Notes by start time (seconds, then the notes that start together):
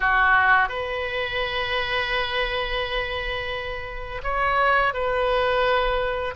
0.00 F#4
0.68 B4
4.23 C#5
4.93 B4